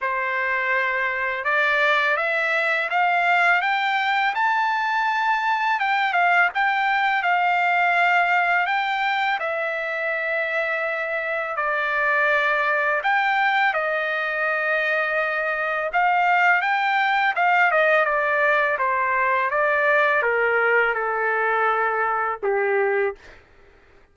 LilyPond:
\new Staff \with { instrumentName = "trumpet" } { \time 4/4 \tempo 4 = 83 c''2 d''4 e''4 | f''4 g''4 a''2 | g''8 f''8 g''4 f''2 | g''4 e''2. |
d''2 g''4 dis''4~ | dis''2 f''4 g''4 | f''8 dis''8 d''4 c''4 d''4 | ais'4 a'2 g'4 | }